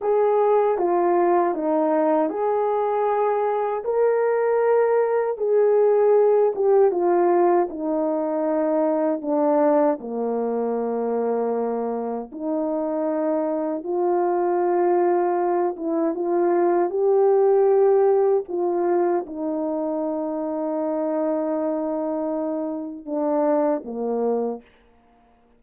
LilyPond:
\new Staff \with { instrumentName = "horn" } { \time 4/4 \tempo 4 = 78 gis'4 f'4 dis'4 gis'4~ | gis'4 ais'2 gis'4~ | gis'8 g'8 f'4 dis'2 | d'4 ais2. |
dis'2 f'2~ | f'8 e'8 f'4 g'2 | f'4 dis'2.~ | dis'2 d'4 ais4 | }